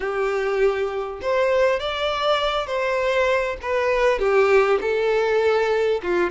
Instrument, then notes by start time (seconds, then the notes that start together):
violin
0.00 G4
1.21 C5
1.79 D5
2.66 C5
3.62 B4
4.19 G4
4.81 A4
6.02 F4